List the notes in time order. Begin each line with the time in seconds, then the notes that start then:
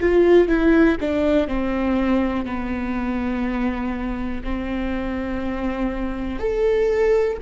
0.00 F4
0.48 E4
1.00 D4
1.48 C4
2.45 B3
4.44 C4
6.39 A4